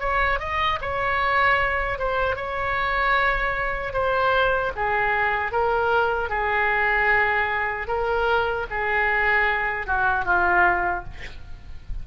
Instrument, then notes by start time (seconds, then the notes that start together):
oboe
0.00 C#5
0.40 D#5
0.82 C#5
1.99 C5
2.36 C#5
3.93 C5
4.76 G#4
5.52 A#4
6.30 G#4
7.88 A#4
8.70 G#4
9.87 F#4
10.25 F4